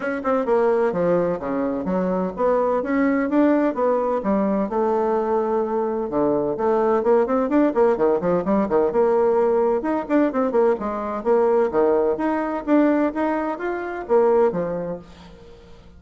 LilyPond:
\new Staff \with { instrumentName = "bassoon" } { \time 4/4 \tempo 4 = 128 cis'8 c'8 ais4 f4 cis4 | fis4 b4 cis'4 d'4 | b4 g4 a2~ | a4 d4 a4 ais8 c'8 |
d'8 ais8 dis8 f8 g8 dis8 ais4~ | ais4 dis'8 d'8 c'8 ais8 gis4 | ais4 dis4 dis'4 d'4 | dis'4 f'4 ais4 f4 | }